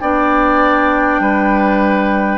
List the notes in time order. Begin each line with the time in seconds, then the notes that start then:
0.00 B3 D4 D5 G5
1.20 G3 B4